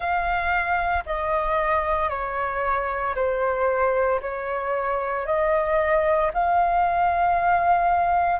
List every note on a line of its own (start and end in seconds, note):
0.00 1.04 F5
1.05 2.09 D#5
2.09 3.14 C#5
3.15 4.20 C5
4.21 5.26 C#5
5.26 6.31 D#5
6.33 8.40 F5